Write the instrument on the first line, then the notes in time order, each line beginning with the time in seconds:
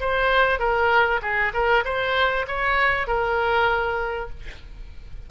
oboe
0.00 C5
0.59 A#4
1.22 G#4
1.54 A#4
1.85 C5
2.48 C#5
3.07 A#4